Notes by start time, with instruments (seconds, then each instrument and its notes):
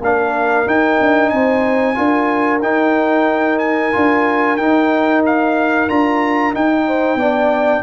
0.00 tuba A#3, trombone D4, horn A#4, trumpet F5
0.66 tuba D#4, trombone D#4, trumpet G5
1.00 tuba D4
1.29 tuba C4, horn C5, trumpet G#5
1.95 tuba D4, trombone F4, horn A#4
2.62 tuba D#4, trombone D#4, trumpet G5
3.58 trumpet G#5
3.92 tuba D4, trombone F4
4.57 tuba D#4, trombone D#4, trumpet G5
5.26 trumpet F5
5.89 tuba D4, trombone F4, trumpet A#5
6.53 trombone D#4, tuba D#4, trumpet G5
6.87 horn C5
7.15 tuba B3, trombone D4, horn D5